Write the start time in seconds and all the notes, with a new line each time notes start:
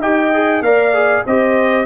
0.00 D#4 G4 D#5 G5
0.33 G#4
0.61 A#3 A#4 D5 F5
0.94 G#4
1.26 C4 G4 C5 D#5